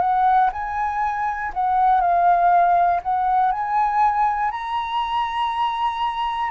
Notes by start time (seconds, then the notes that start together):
0.00 F#5
0.52 G#5
1.53 F#5
2.00 F5
3.02 F#5
3.52 G#5
4.51 A#5